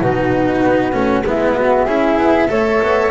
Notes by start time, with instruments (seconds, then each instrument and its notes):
0.00 double bass B2, cello D#4, flute F#4 B4
0.63 double bass B3
0.92 double bass A3, cello C#4
1.26 double bass G#3, cello B3, flute E4 E5
1.56 flute F#4
1.85 double bass C#4, cello E4, flute G#4
2.17 double bass B3
2.48 double bass A3, cello A4, flute C#5
2.83 double bass B3